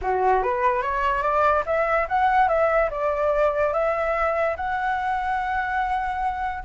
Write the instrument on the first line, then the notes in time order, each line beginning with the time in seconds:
flute
0.01 F#4
0.42 B4
0.82 C#5
1.22 D5
1.66 E5
2.08 F#5
2.48 E5
2.90 D5
3.73 E5
4.56 F#5